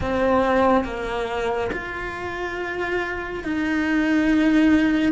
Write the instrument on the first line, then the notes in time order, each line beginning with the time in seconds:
cello
0.00 C4
0.84 A#3
1.72 F4
3.44 D#4